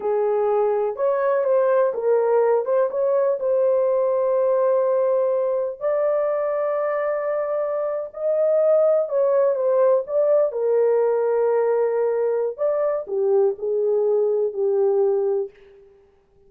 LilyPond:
\new Staff \with { instrumentName = "horn" } { \time 4/4 \tempo 4 = 124 gis'2 cis''4 c''4 | ais'4. c''8 cis''4 c''4~ | c''1 | d''1~ |
d''8. dis''2 cis''4 c''16~ | c''8. d''4 ais'2~ ais'16~ | ais'2 d''4 g'4 | gis'2 g'2 | }